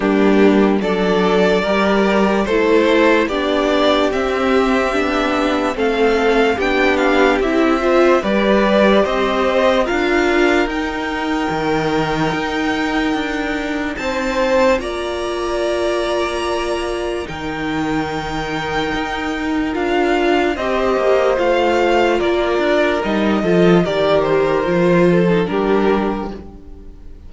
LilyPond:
<<
  \new Staff \with { instrumentName = "violin" } { \time 4/4 \tempo 4 = 73 g'4 d''2 c''4 | d''4 e''2 f''4 | g''8 f''8 e''4 d''4 dis''4 | f''4 g''2.~ |
g''4 a''4 ais''2~ | ais''4 g''2. | f''4 dis''4 f''4 d''4 | dis''4 d''8 c''4. ais'4 | }
  \new Staff \with { instrumentName = "violin" } { \time 4/4 d'4 a'4 ais'4 a'4 | g'2. a'4 | g'4. c''8 b'4 c''4 | ais'1~ |
ais'4 c''4 d''2~ | d''4 ais'2.~ | ais'4 c''2 ais'4~ | ais'8 a'8 ais'4. a'8 g'4 | }
  \new Staff \with { instrumentName = "viola" } { \time 4/4 ais4 d'4 g'4 e'4 | d'4 c'4 d'4 c'4 | d'4 e'8 f'8 g'2 | f'4 dis'2.~ |
dis'2 f'2~ | f'4 dis'2. | f'4 g'4 f'2 | dis'8 f'8 g'4 f'8. dis'16 d'4 | }
  \new Staff \with { instrumentName = "cello" } { \time 4/4 g4 fis4 g4 a4 | b4 c'4 b4 a4 | b4 c'4 g4 c'4 | d'4 dis'4 dis4 dis'4 |
d'4 c'4 ais2~ | ais4 dis2 dis'4 | d'4 c'8 ais8 a4 ais8 d'8 | g8 f8 dis4 f4 g4 | }
>>